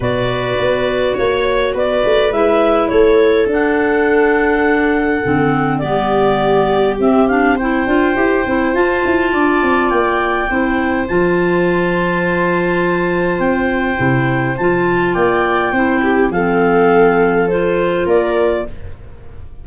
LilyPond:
<<
  \new Staff \with { instrumentName = "clarinet" } { \time 4/4 \tempo 4 = 103 d''2 cis''4 d''4 | e''4 cis''4 fis''2~ | fis''2 d''2 | e''8 f''8 g''2 a''4~ |
a''4 g''2 a''4~ | a''2. g''4~ | g''4 a''4 g''2 | f''2 c''4 d''4 | }
  \new Staff \with { instrumentName = "viola" } { \time 4/4 b'2 cis''4 b'4~ | b'4 a'2.~ | a'2 g'2~ | g'4 c''2. |
d''2 c''2~ | c''1~ | c''2 d''4 c''8 g'8 | a'2. ais'4 | }
  \new Staff \with { instrumentName = "clarinet" } { \time 4/4 fis'1 | e'2 d'2~ | d'4 c'4 b2 | c'8 d'8 e'8 f'8 g'8 e'8 f'4~ |
f'2 e'4 f'4~ | f'1 | e'4 f'2 e'4 | c'2 f'2 | }
  \new Staff \with { instrumentName = "tuba" } { \time 4/4 b,4 b4 ais4 b8 a8 | gis4 a4 d'2~ | d'4 d4 g2 | c'4. d'8 e'8 c'8 f'8 e'8 |
d'8 c'8 ais4 c'4 f4~ | f2. c'4 | c4 f4 ais4 c'4 | f2. ais4 | }
>>